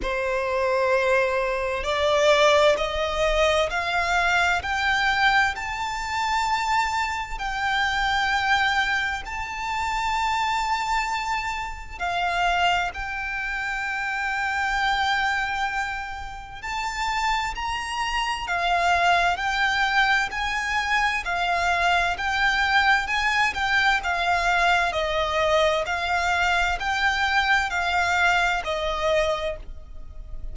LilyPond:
\new Staff \with { instrumentName = "violin" } { \time 4/4 \tempo 4 = 65 c''2 d''4 dis''4 | f''4 g''4 a''2 | g''2 a''2~ | a''4 f''4 g''2~ |
g''2 a''4 ais''4 | f''4 g''4 gis''4 f''4 | g''4 gis''8 g''8 f''4 dis''4 | f''4 g''4 f''4 dis''4 | }